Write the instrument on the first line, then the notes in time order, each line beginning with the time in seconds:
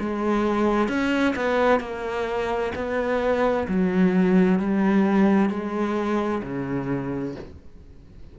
cello
0.00 G#3
0.89 C#4
1.36 B3
1.80 A#3
2.75 B3
3.68 F#3
4.59 G3
5.50 G#3
6.43 C#3